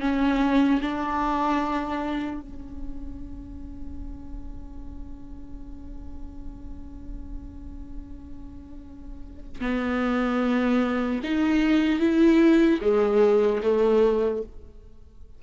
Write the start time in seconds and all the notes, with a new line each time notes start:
0.00 C#4
0.81 D4
2.41 C#4
9.61 B3
11.23 D#4
11.99 E4
12.81 G#3
13.63 A3